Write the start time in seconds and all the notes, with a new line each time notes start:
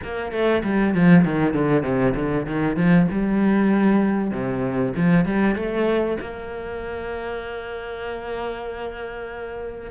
0.03 A#3
0.31 A3
0.63 G3
0.94 F3
1.24 D#3
1.53 D3
1.82 C3
2.15 D3
2.46 D#3
2.76 F3
3.11 G3
4.31 C3
4.96 F3
5.25 G3
5.55 A3
6.21 A#3